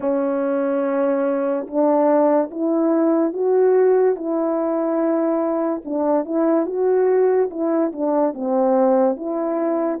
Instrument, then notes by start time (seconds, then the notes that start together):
horn
0.00 C#4
1.67 D4
2.50 E4
3.33 F#4
4.15 E4
5.84 D4
6.25 E4
6.66 F#4
7.50 E4
7.92 D4
8.34 C4
9.16 E4